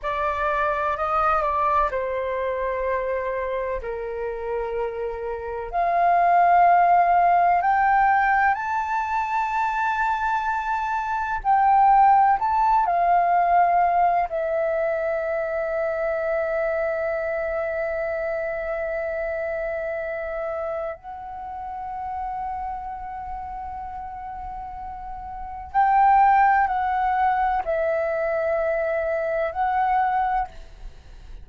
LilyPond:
\new Staff \with { instrumentName = "flute" } { \time 4/4 \tempo 4 = 63 d''4 dis''8 d''8 c''2 | ais'2 f''2 | g''4 a''2. | g''4 a''8 f''4. e''4~ |
e''1~ | e''2 fis''2~ | fis''2. g''4 | fis''4 e''2 fis''4 | }